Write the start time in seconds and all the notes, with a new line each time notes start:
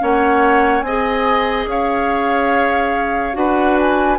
0.00 A#3 C#4 C#5 F#5
0.81 C4 D#5 G#5
0.88 G#4
1.66 C#4 C#5 F5
3.34 D4 F#4 B4 F#5
3.80 G#5